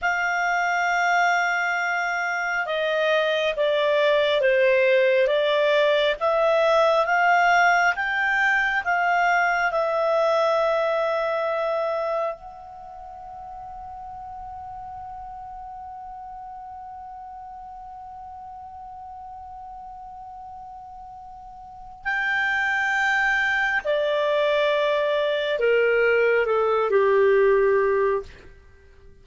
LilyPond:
\new Staff \with { instrumentName = "clarinet" } { \time 4/4 \tempo 4 = 68 f''2. dis''4 | d''4 c''4 d''4 e''4 | f''4 g''4 f''4 e''4~ | e''2 fis''2~ |
fis''1~ | fis''1~ | fis''4 g''2 d''4~ | d''4 ais'4 a'8 g'4. | }